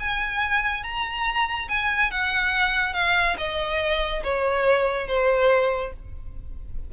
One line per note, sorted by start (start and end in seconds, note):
0.00 0.84 G#5
0.84 1.69 A#5
1.69 2.11 G#5
2.11 2.94 F#5
2.94 3.36 F5
3.38 4.23 D#5
4.24 5.08 C#5
5.08 5.93 C5